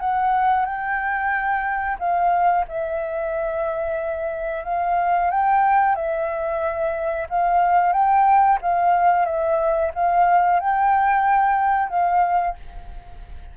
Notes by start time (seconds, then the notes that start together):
0.00 F#5
0.66 G5
2.00 F5
2.69 E5
4.65 F5
5.31 G5
5.96 E5
7.30 F5
7.93 G5
8.62 F5
9.26 E5
9.94 F5
10.60 G5
11.90 F5